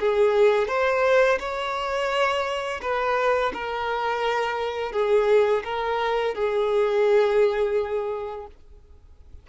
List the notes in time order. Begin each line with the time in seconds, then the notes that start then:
0.00 G#4
0.68 C5
1.40 C#5
2.82 B4
3.54 A#4
4.93 G#4
5.64 A#4
6.35 G#4